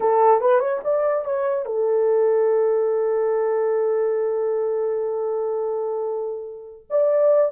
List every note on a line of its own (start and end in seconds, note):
0.00 0.41 A4
0.41 0.59 B4
0.59 0.80 C#5
0.84 1.24 D5
1.24 1.65 C#5
1.65 6.86 A4
6.90 7.51 D5